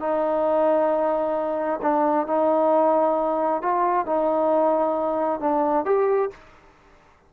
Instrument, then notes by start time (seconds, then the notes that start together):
trombone
0.00 D#4
1.83 D4
2.27 D#4
3.62 F4
4.07 D#4
5.41 D4
5.85 G4